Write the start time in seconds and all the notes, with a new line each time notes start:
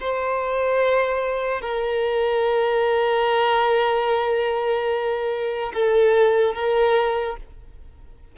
0.00 C5
1.61 A#4
5.73 A4
6.55 A#4